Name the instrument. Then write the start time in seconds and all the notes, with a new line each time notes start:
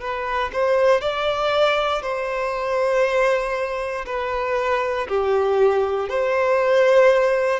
violin
0.00 B4
0.53 C5
1.01 D5
2.02 C5
4.05 B4
5.08 G4
6.09 C5